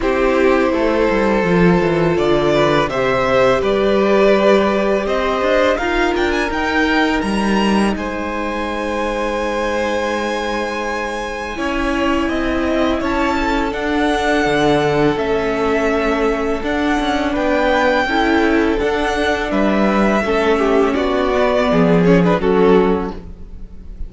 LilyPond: <<
  \new Staff \with { instrumentName = "violin" } { \time 4/4 \tempo 4 = 83 c''2. d''4 | e''4 d''2 dis''4 | f''8 g''16 gis''16 g''4 ais''4 gis''4~ | gis''1~ |
gis''2 a''4 fis''4~ | fis''4 e''2 fis''4 | g''2 fis''4 e''4~ | e''4 d''4. cis''16 b'16 a'4 | }
  \new Staff \with { instrumentName = "violin" } { \time 4/4 g'4 a'2~ a'8 b'8 | c''4 b'2 c''4 | ais'2. c''4~ | c''1 |
cis''4 dis''4 cis''8 a'4.~ | a'1 | b'4 a'2 b'4 | a'8 g'8 fis'4 gis'4 fis'4 | }
  \new Staff \with { instrumentName = "viola" } { \time 4/4 e'2 f'2 | g'1 | f'4 dis'2.~ | dis'1 |
e'2. d'4~ | d'4 cis'2 d'4~ | d'4 e'4 d'2 | cis'4. b4 cis'16 d'16 cis'4 | }
  \new Staff \with { instrumentName = "cello" } { \time 4/4 c'4 a8 g8 f8 e8 d4 | c4 g2 c'8 d'8 | dis'8 d'8 dis'4 g4 gis4~ | gis1 |
cis'4 c'4 cis'4 d'4 | d4 a2 d'8 cis'8 | b4 cis'4 d'4 g4 | a4 b4 f4 fis4 | }
>>